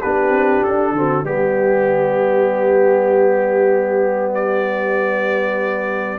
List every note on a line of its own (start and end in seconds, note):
0.00 0.30 B3
0.00 0.96 D4
0.00 0.93 G4
0.00 0.63 B4
0.30 0.61 C4
0.63 0.92 D4
0.63 1.25 A4
0.92 1.23 D3
0.92 1.24 C4
0.92 1.26 F#4
1.24 6.18 G3
1.24 6.18 B3
1.24 4.34 G4
1.24 6.18 G4
4.34 6.18 D5